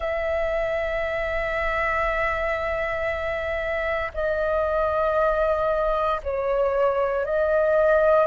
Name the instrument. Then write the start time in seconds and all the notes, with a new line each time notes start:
flute
0.00 E5
4.14 D#5
6.23 C#5
7.25 D#5